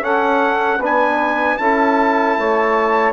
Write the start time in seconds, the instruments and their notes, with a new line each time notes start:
0.00 trombone C#4, bassoon C#4, saxophone A4, trumpet F#5
0.78 bassoon B3, trombone D4, saxophone B4
0.85 trumpet G#5
1.57 bassoon C#4, trombone E4, saxophone A4, trumpet A5
2.37 bassoon A3, saxophone C#5